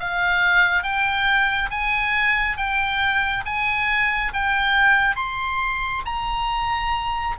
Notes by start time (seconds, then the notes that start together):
0.00 F5
0.83 G5
1.71 G#5
2.57 G5
3.46 G#5
4.34 G5
5.16 C6
6.06 A#5